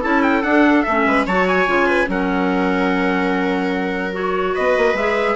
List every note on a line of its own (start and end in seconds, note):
0.00 0.43 C#4
0.00 0.43 E4
0.00 1.03 A4
0.00 0.23 A5
0.23 0.43 G5
0.43 0.84 D4
0.43 0.87 D4
0.43 0.83 F#5
0.83 1.06 A3
0.83 1.28 C#4
0.83 1.24 E5
1.06 1.26 G#3
1.06 1.27 B4
1.27 1.67 F#3
1.27 1.66 F#4
1.27 1.87 C#5
1.27 1.48 A5
1.48 2.09 G#5
1.66 2.08 C#3
1.66 2.07 F4
1.87 2.07 B4
2.07 4.55 F#3
2.07 4.12 C#4
2.07 4.55 A#4
2.07 4.15 F#5
4.13 4.95 F#4
4.13 4.56 C#5
4.55 4.77 B3
4.55 5.36 B4
4.55 4.96 D#5
4.77 4.94 A#3
4.94 5.35 G#3
4.94 5.36 G#4
4.94 5.36 E5